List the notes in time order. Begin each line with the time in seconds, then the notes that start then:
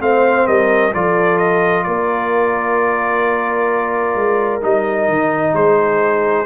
0.00 A3 C4 C5 F5
0.47 G3 A#4 D#5
0.94 F3 F4 A4 D5
1.38 D#5
1.84 A#3 A#4 D5
4.15 G#3
4.62 G3 D#4 D#5
5.09 D#3
5.53 G#3 G#4 C5